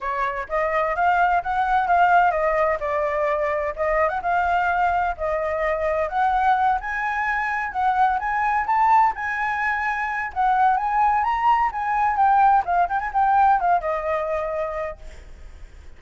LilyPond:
\new Staff \with { instrumentName = "flute" } { \time 4/4 \tempo 4 = 128 cis''4 dis''4 f''4 fis''4 | f''4 dis''4 d''2 | dis''8. fis''16 f''2 dis''4~ | dis''4 fis''4. gis''4.~ |
gis''8 fis''4 gis''4 a''4 gis''8~ | gis''2 fis''4 gis''4 | ais''4 gis''4 g''4 f''8 g''16 gis''16 | g''4 f''8 dis''2~ dis''8 | }